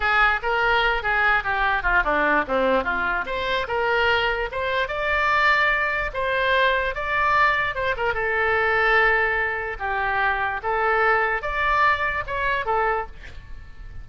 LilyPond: \new Staff \with { instrumentName = "oboe" } { \time 4/4 \tempo 4 = 147 gis'4 ais'4. gis'4 g'8~ | g'8 f'8 d'4 c'4 f'4 | c''4 ais'2 c''4 | d''2. c''4~ |
c''4 d''2 c''8 ais'8 | a'1 | g'2 a'2 | d''2 cis''4 a'4 | }